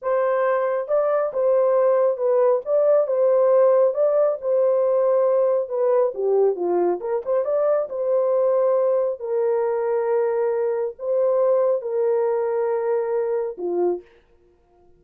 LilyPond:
\new Staff \with { instrumentName = "horn" } { \time 4/4 \tempo 4 = 137 c''2 d''4 c''4~ | c''4 b'4 d''4 c''4~ | c''4 d''4 c''2~ | c''4 b'4 g'4 f'4 |
ais'8 c''8 d''4 c''2~ | c''4 ais'2.~ | ais'4 c''2 ais'4~ | ais'2. f'4 | }